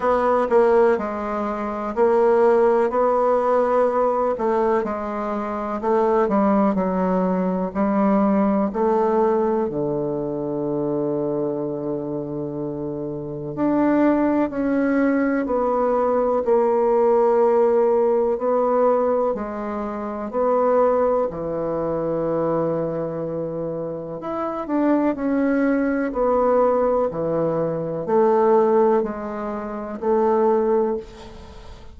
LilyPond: \new Staff \with { instrumentName = "bassoon" } { \time 4/4 \tempo 4 = 62 b8 ais8 gis4 ais4 b4~ | b8 a8 gis4 a8 g8 fis4 | g4 a4 d2~ | d2 d'4 cis'4 |
b4 ais2 b4 | gis4 b4 e2~ | e4 e'8 d'8 cis'4 b4 | e4 a4 gis4 a4 | }